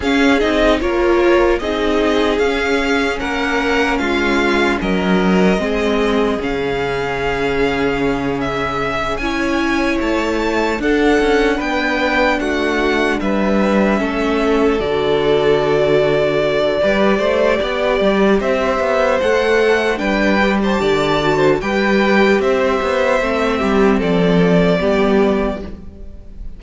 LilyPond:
<<
  \new Staff \with { instrumentName = "violin" } { \time 4/4 \tempo 4 = 75 f''8 dis''8 cis''4 dis''4 f''4 | fis''4 f''4 dis''2 | f''2~ f''8 e''4 gis''8~ | gis''8 a''4 fis''4 g''4 fis''8~ |
fis''8 e''2 d''4.~ | d''2. e''4 | fis''4 g''8. a''4~ a''16 g''4 | e''2 d''2 | }
  \new Staff \with { instrumentName = "violin" } { \time 4/4 gis'4 ais'4 gis'2 | ais'4 f'4 ais'4 gis'4~ | gis'2.~ gis'8 cis''8~ | cis''4. a'4 b'4 fis'8~ |
fis'8 b'4 a'2~ a'8~ | a'4 b'8 c''8 d''4 c''4~ | c''4 b'8. c''16 d''8. c''16 b'4 | c''4. g'8 a'4 g'4 | }
  \new Staff \with { instrumentName = "viola" } { \time 4/4 cis'8 dis'8 f'4 dis'4 cis'4~ | cis'2. c'4 | cis'2.~ cis'8 e'8~ | e'4. d'2~ d'8~ |
d'4. cis'4 fis'4.~ | fis'4 g'2. | a'4 d'8 g'4 fis'8 g'4~ | g'4 c'2 b4 | }
  \new Staff \with { instrumentName = "cello" } { \time 4/4 cis'8 c'8 ais4 c'4 cis'4 | ais4 gis4 fis4 gis4 | cis2.~ cis8 cis'8~ | cis'8 a4 d'8 cis'8 b4 a8~ |
a8 g4 a4 d4.~ | d4 g8 a8 b8 g8 c'8 b8 | a4 g4 d4 g4 | c'8 b8 a8 g8 f4 g4 | }
>>